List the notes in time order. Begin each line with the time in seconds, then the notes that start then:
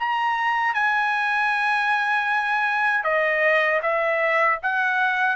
0.00 A#5
0.75 G#5
3.04 D#5
3.83 E5
4.63 F#5